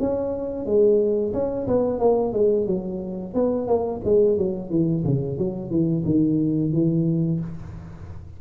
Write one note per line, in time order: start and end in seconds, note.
0.00 0.66 C#4
0.66 1.33 G#3
1.33 1.67 C#4
1.67 1.99 B3
1.99 2.33 A#3
2.33 2.67 G#3
2.67 3.34 F#3
3.34 3.67 B3
3.67 4.01 A#3
4.05 4.38 G#3
4.38 4.70 F#3
4.70 5.04 E3
5.04 5.38 C#3
5.38 5.71 F#3
5.71 6.04 E3
6.05 6.73 D#3
6.73 7.40 E3